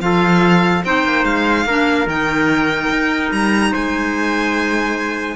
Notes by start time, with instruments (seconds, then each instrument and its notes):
0.00 cello F3, clarinet F4, trumpet A4, violin F5
0.84 cello C4, clarinet D#4, trumpet C5, violin G5
1.04 cello A#3
1.24 cello G#3, violin F5
1.65 cello A#3, clarinet D4, trumpet A#4
2.06 cello D#3, clarinet D#4, violin G5
2.90 cello D#4
3.31 cello G3, violin A#5
3.71 cello G#3, trumpet C5, violin G#5